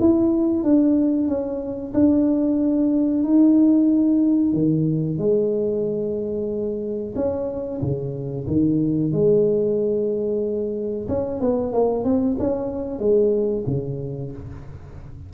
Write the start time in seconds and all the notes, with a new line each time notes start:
0.00 E4
0.64 D4
1.28 C#4
1.94 D4
3.24 D#4
4.54 D#3
5.19 G#3
7.16 C#4
7.82 C#3
8.48 D#3
9.13 G#3
11.08 C#4
11.41 B3
11.73 A#3
12.04 C4
12.39 C#4
12.99 G#3
13.67 C#3